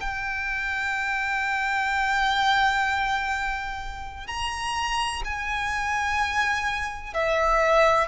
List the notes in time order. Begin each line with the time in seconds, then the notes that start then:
0.00 G5
4.27 A#5
5.24 G#5
7.13 E5